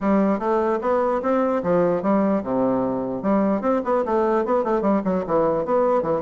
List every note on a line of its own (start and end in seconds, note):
0.00 0.39 G3
0.39 0.79 A3
0.81 1.21 B3
1.22 1.62 C4
1.63 2.02 F3
2.02 2.42 G3
2.43 3.22 C3
3.22 3.61 G3
3.61 3.81 C4
3.84 4.04 B3
4.05 4.45 A3
4.45 4.63 B3
4.63 4.81 A3
4.81 5.02 G3
5.04 5.24 F#3
5.26 5.65 E3
5.65 6.02 B3
6.02 6.21 E3